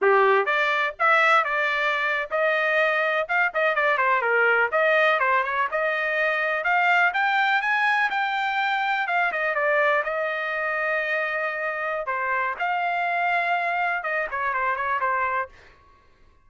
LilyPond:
\new Staff \with { instrumentName = "trumpet" } { \time 4/4 \tempo 4 = 124 g'4 d''4 e''4 d''4~ | d''8. dis''2 f''8 dis''8 d''16~ | d''16 c''8 ais'4 dis''4 c''8 cis''8 dis''16~ | dis''4.~ dis''16 f''4 g''4 gis''16~ |
gis''8. g''2 f''8 dis''8 d''16~ | d''8. dis''2.~ dis''16~ | dis''4 c''4 f''2~ | f''4 dis''8 cis''8 c''8 cis''8 c''4 | }